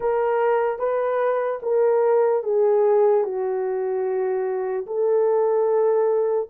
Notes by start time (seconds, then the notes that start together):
0.00 A#4
0.79 B4
1.62 A#4
2.43 G#4
3.24 F#4
4.86 A4